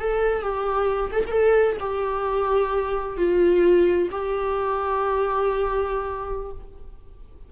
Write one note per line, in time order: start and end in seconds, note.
0.00 0.43 A4
0.43 1.11 G4
1.13 1.24 A4
1.27 1.78 A4
1.27 1.32 A#4
1.80 3.17 G4
3.17 4.09 F4
4.12 6.52 G4